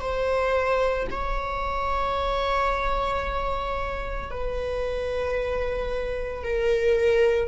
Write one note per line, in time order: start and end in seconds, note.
0.00 1.07 C5
1.11 4.31 C#5
4.31 6.44 B4
6.44 7.48 A#4